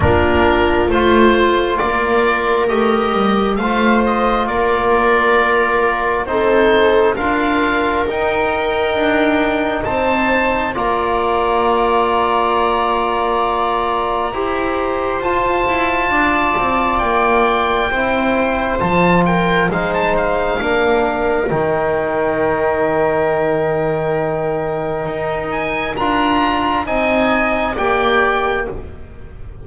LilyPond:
<<
  \new Staff \with { instrumentName = "oboe" } { \time 4/4 \tempo 4 = 67 ais'4 c''4 d''4 dis''4 | f''8 dis''8 d''2 c''4 | f''4 g''2 a''4 | ais''1~ |
ais''4 a''2 g''4~ | g''4 a''8 g''8 f''16 a''16 f''4. | g''1~ | g''8 gis''8 ais''4 gis''4 g''4 | }
  \new Staff \with { instrumentName = "viola" } { \time 4/4 f'2 ais'2 | c''4 ais'2 a'4 | ais'2. c''4 | d''1 |
c''2 d''2 | c''4. ais'8 c''4 ais'4~ | ais'1~ | ais'2 dis''4 d''4 | }
  \new Staff \with { instrumentName = "trombone" } { \time 4/4 d'4 f'2 g'4 | f'2. dis'4 | f'4 dis'2. | f'1 |
g'4 f'2. | e'4 f'4 dis'4 d'4 | dis'1~ | dis'4 f'4 dis'4 g'4 | }
  \new Staff \with { instrumentName = "double bass" } { \time 4/4 ais4 a4 ais4 a8 g8 | a4 ais2 c'4 | d'4 dis'4 d'4 c'4 | ais1 |
e'4 f'8 e'8 d'8 c'8 ais4 | c'4 f4 gis4 ais4 | dis1 | dis'4 d'4 c'4 ais4 | }
>>